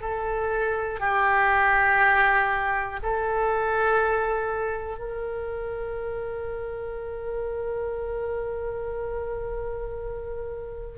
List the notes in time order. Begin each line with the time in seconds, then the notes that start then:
0.00 A4
1.00 G4
3.02 A4
4.98 A#4